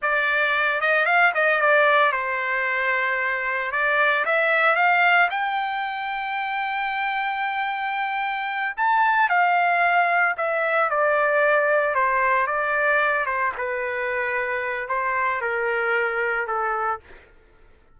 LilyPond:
\new Staff \with { instrumentName = "trumpet" } { \time 4/4 \tempo 4 = 113 d''4. dis''8 f''8 dis''8 d''4 | c''2. d''4 | e''4 f''4 g''2~ | g''1~ |
g''8 a''4 f''2 e''8~ | e''8 d''2 c''4 d''8~ | d''4 c''8 b'2~ b'8 | c''4 ais'2 a'4 | }